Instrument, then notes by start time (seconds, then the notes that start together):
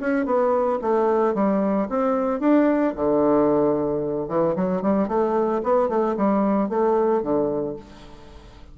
bassoon
0.00 C#4
0.25 B3
0.81 A3
1.34 G3
1.89 C4
2.40 D4
2.95 D3
4.28 E3
4.55 F#3
4.82 G3
5.08 A3
5.63 B3
5.89 A3
6.16 G3
6.69 A3
7.22 D3